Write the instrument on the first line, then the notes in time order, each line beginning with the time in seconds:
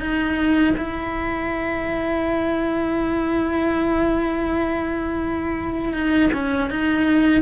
cello
0.00 D#4
0.77 E4
5.93 D#4
6.33 C#4
6.70 D#4